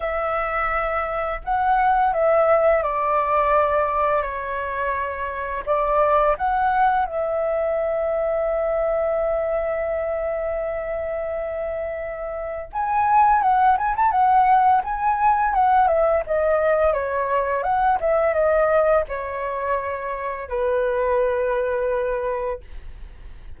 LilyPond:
\new Staff \with { instrumentName = "flute" } { \time 4/4 \tempo 4 = 85 e''2 fis''4 e''4 | d''2 cis''2 | d''4 fis''4 e''2~ | e''1~ |
e''2 gis''4 fis''8 gis''16 a''16 | fis''4 gis''4 fis''8 e''8 dis''4 | cis''4 fis''8 e''8 dis''4 cis''4~ | cis''4 b'2. | }